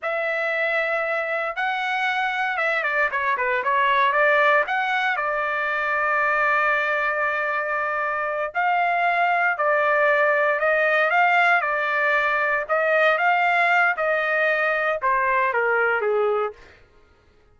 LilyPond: \new Staff \with { instrumentName = "trumpet" } { \time 4/4 \tempo 4 = 116 e''2. fis''4~ | fis''4 e''8 d''8 cis''8 b'8 cis''4 | d''4 fis''4 d''2~ | d''1~ |
d''8 f''2 d''4.~ | d''8 dis''4 f''4 d''4.~ | d''8 dis''4 f''4. dis''4~ | dis''4 c''4 ais'4 gis'4 | }